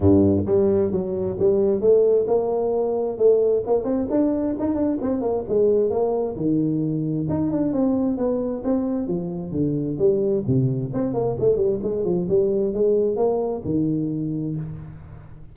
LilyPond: \new Staff \with { instrumentName = "tuba" } { \time 4/4 \tempo 4 = 132 g,4 g4 fis4 g4 | a4 ais2 a4 | ais8 c'8 d'4 dis'8 d'8 c'8 ais8 | gis4 ais4 dis2 |
dis'8 d'8 c'4 b4 c'4 | f4 d4 g4 c4 | c'8 ais8 a8 g8 gis8 f8 g4 | gis4 ais4 dis2 | }